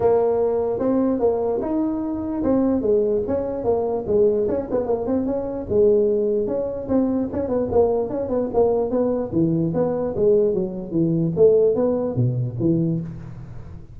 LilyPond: \new Staff \with { instrumentName = "tuba" } { \time 4/4 \tempo 4 = 148 ais2 c'4 ais4 | dis'2 c'4 gis4 | cis'4 ais4 gis4 cis'8 b8 | ais8 c'8 cis'4 gis2 |
cis'4 c'4 cis'8 b8 ais4 | cis'8 b8 ais4 b4 e4 | b4 gis4 fis4 e4 | a4 b4 b,4 e4 | }